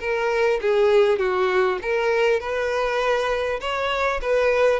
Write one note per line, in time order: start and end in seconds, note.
0.00 0.60 A#4
0.61 1.19 G#4
1.19 1.79 F#4
1.82 2.40 A#4
2.40 3.60 B4
3.61 4.21 C#5
4.22 4.80 B4